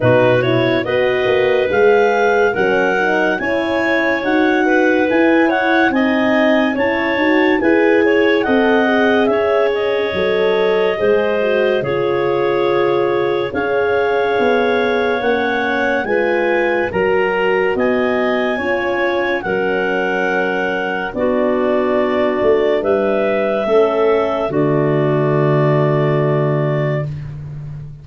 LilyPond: <<
  \new Staff \with { instrumentName = "clarinet" } { \time 4/4 \tempo 4 = 71 b'8 cis''8 dis''4 f''4 fis''4 | gis''4 fis''4 gis''8 fis''8 gis''4 | a''4 gis''4 fis''4 e''8 dis''8~ | dis''2 cis''2 |
f''2 fis''4 gis''4 | ais''4 gis''2 fis''4~ | fis''4 d''2 e''4~ | e''4 d''2. | }
  \new Staff \with { instrumentName = "clarinet" } { \time 4/4 fis'4 b'2 ais'4 | cis''4. b'4 cis''8 dis''4 | cis''4 b'8 cis''8 dis''4 cis''4~ | cis''4 c''4 gis'2 |
cis''2. b'4 | ais'4 dis''4 cis''4 ais'4~ | ais'4 fis'2 b'4 | a'4 fis'2. | }
  \new Staff \with { instrumentName = "horn" } { \time 4/4 dis'8 e'8 fis'4 gis'4 cis'8 dis'8 | e'4 fis'4 e'4 dis'4 | e'8 fis'8 gis'4 a'8 gis'4. | a'4 gis'8 fis'8 f'2 |
gis'2 cis'4 f'4 | fis'2 f'4 cis'4~ | cis'4 d'2. | cis'4 a2. | }
  \new Staff \with { instrumentName = "tuba" } { \time 4/4 b,4 b8 ais8 gis4 fis4 | cis'4 dis'4 e'4 c'4 | cis'8 dis'8 e'4 c'4 cis'4 | fis4 gis4 cis2 |
cis'4 b4 ais4 gis4 | fis4 b4 cis'4 fis4~ | fis4 b4. a8 g4 | a4 d2. | }
>>